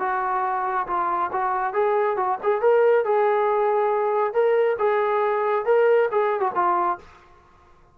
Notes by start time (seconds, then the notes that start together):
0.00 F#4
0.88 F4
1.33 F#4
1.74 G#4
2.17 F#4
2.44 G#4
2.62 A#4
3.05 G#4
4.34 A#4
4.79 G#4
5.66 A#4
6.12 G#4
6.41 F#4
6.55 F4